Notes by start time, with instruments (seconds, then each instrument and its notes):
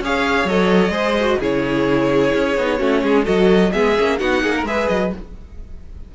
0.00 cello C#4, viola G#4, violin C#5 F5
0.45 cello F#3, viola A4, violin D#5
0.90 cello G#3, viola G#4, violin C5
1.20 viola F#4
1.40 cello C#3, viola E4, violin G#4 C#5
2.34 cello C#4
2.58 cello B3, viola D#4
2.79 cello A3, viola C#4, violin F#4
3.03 cello G#3, violin G#4
3.25 cello F#3, viola F#4, violin A4 D#5
3.73 cello G#3, viola B3, violin G#4 E5
3.97 cello A#3, viola C#4
4.19 cello B3, viola D#4, violin F#4 F#5
4.43 cello A#3, violin G#4
4.57 violin A#4
4.64 cello G#3, viola G#4, violin B4 E5
4.89 cello F#3, violin D#5